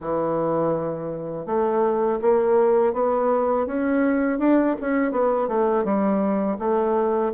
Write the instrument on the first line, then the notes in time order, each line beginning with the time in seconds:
bassoon
0.00 E3
1.46 A3
2.22 A#3
2.93 B3
3.66 C#4
4.39 D4
4.80 C#4
5.11 B3
5.47 A3
5.84 G3
6.59 A3